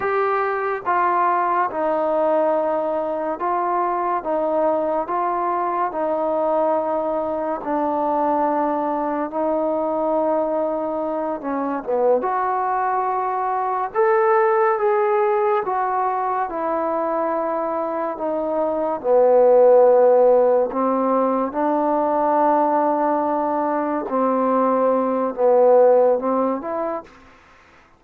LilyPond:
\new Staff \with { instrumentName = "trombone" } { \time 4/4 \tempo 4 = 71 g'4 f'4 dis'2 | f'4 dis'4 f'4 dis'4~ | dis'4 d'2 dis'4~ | dis'4. cis'8 b8 fis'4.~ |
fis'8 a'4 gis'4 fis'4 e'8~ | e'4. dis'4 b4.~ | b8 c'4 d'2~ d'8~ | d'8 c'4. b4 c'8 e'8 | }